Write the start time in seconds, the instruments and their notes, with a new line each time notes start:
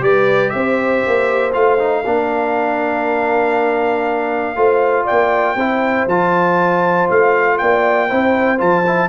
0.00 tuba G3, trombone G4, horn B4, trumpet D5
0.50 tuba C4, horn C5, trumpet E5
1.06 tuba A#3
1.53 tuba A3, trombone F4, trumpet F5
1.78 trombone D#4
2.03 tuba A#3, trombone D4, horn A#4
4.55 tuba A3, trombone F4, horn C5
5.04 horn D5, trumpet G5
5.11 tuba A#3
5.55 tuba C4, trombone E4, horn C5
6.07 tuba F3, trombone F4, trumpet A5
7.10 tuba A3, trumpet F5
7.58 tuba A#3, horn D5, trumpet G5
8.09 tuba C4, trombone E4, horn C5
8.58 tuba F3, trombone F4, trumpet A5
8.86 trombone E4